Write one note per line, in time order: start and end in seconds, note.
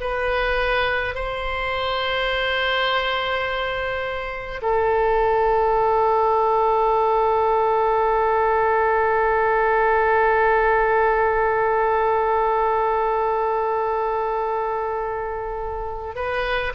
0.00 1.14 B4
1.14 4.60 C5
4.62 16.15 A4
16.15 16.73 B4